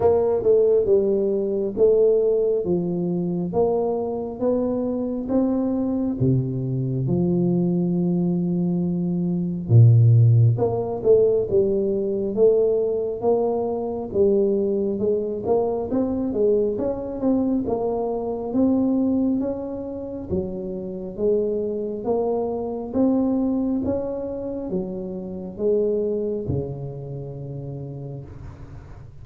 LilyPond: \new Staff \with { instrumentName = "tuba" } { \time 4/4 \tempo 4 = 68 ais8 a8 g4 a4 f4 | ais4 b4 c'4 c4 | f2. ais,4 | ais8 a8 g4 a4 ais4 |
g4 gis8 ais8 c'8 gis8 cis'8 c'8 | ais4 c'4 cis'4 fis4 | gis4 ais4 c'4 cis'4 | fis4 gis4 cis2 | }